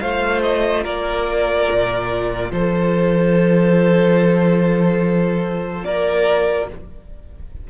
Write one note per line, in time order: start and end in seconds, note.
0.00 0.85 A3
0.00 6.68 F4
0.00 0.83 C5
0.00 0.42 F5
0.42 0.84 D#5
0.83 1.68 A#3
0.83 2.49 A#4
0.83 2.51 D5
1.71 2.51 A#2
2.51 5.84 F3
2.51 5.85 A4
2.51 5.84 C5
5.84 6.70 A#3
5.84 6.68 A#4
5.84 6.67 D5